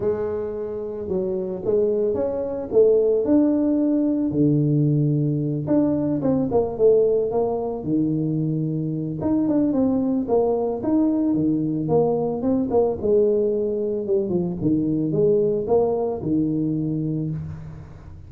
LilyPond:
\new Staff \with { instrumentName = "tuba" } { \time 4/4 \tempo 4 = 111 gis2 fis4 gis4 | cis'4 a4 d'2 | d2~ d8 d'4 c'8 | ais8 a4 ais4 dis4.~ |
dis4 dis'8 d'8 c'4 ais4 | dis'4 dis4 ais4 c'8 ais8 | gis2 g8 f8 dis4 | gis4 ais4 dis2 | }